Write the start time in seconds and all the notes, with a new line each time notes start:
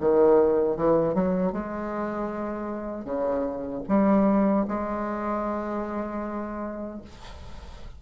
0.00 D#3
0.77 E3
1.14 F#3
1.52 G#3
3.04 C#3
3.88 G3
4.68 G#3